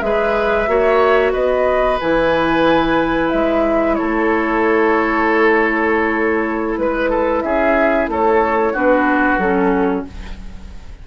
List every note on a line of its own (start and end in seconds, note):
0.00 0.67 G#3
0.00 0.67 G#4
0.00 0.70 B4
0.00 1.32 E5
0.67 1.33 A#3
0.67 1.99 F#4
0.67 1.33 C#5
1.33 2.00 B3
1.33 3.96 B4
1.33 1.98 D#5
2.00 3.33 E3
2.00 8.75 E4
2.00 3.30 G#5
3.30 3.99 G#3
3.30 3.95 E5
3.95 6.79 A4
3.95 6.75 C#5
4.02 6.78 A3
6.77 7.43 G#3
6.77 7.42 B4
6.77 7.10 B4
7.10 7.43 A4
7.42 8.08 C#4
7.42 8.11 G#4
7.42 8.08 E5
8.08 8.74 A3
8.08 8.73 A4
8.08 8.76 C#5
8.73 9.38 B3
8.73 9.41 D4
8.73 10.05 F#4
8.73 9.39 B4
9.38 10.04 F#3
9.38 10.07 C#4
9.38 10.05 A4